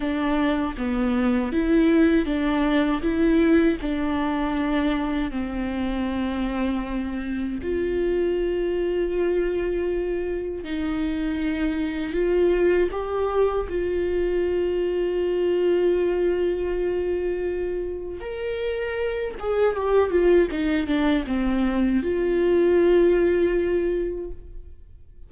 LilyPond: \new Staff \with { instrumentName = "viola" } { \time 4/4 \tempo 4 = 79 d'4 b4 e'4 d'4 | e'4 d'2 c'4~ | c'2 f'2~ | f'2 dis'2 |
f'4 g'4 f'2~ | f'1 | ais'4. gis'8 g'8 f'8 dis'8 d'8 | c'4 f'2. | }